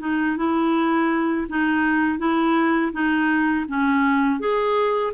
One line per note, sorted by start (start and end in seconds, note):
0.00 0.37 D#4
0.37 1.47 E4
1.49 2.18 D#4
2.18 2.91 E4
2.93 3.66 D#4
3.68 4.39 C#4
4.39 5.13 G#4